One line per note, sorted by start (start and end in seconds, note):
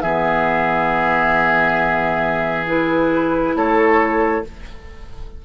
0.00 3.55 E3
0.00 2.67 B3
0.00 3.55 G#4
0.00 2.65 E5
2.67 4.43 E4
2.67 3.56 B4
3.55 4.43 A3
3.55 4.44 A4
3.55 4.44 C#5